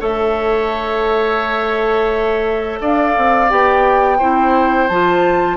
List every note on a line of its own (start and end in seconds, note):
0.00 2.80 A3
0.00 3.49 A4
0.00 2.79 C#5
0.00 2.82 E5
2.81 3.16 D4
2.81 4.18 D5
2.81 3.50 F5
3.18 3.51 C4
3.49 4.21 B3
3.49 4.19 G4
3.49 4.88 G5
4.18 4.90 C4
4.18 4.90 E4
4.18 5.57 C5
4.88 5.57 F3
4.88 5.57 F4
4.88 5.57 A5